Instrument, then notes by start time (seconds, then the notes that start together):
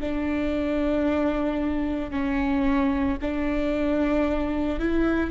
viola
0.00 D4
2.10 C#4
3.21 D4
4.79 E4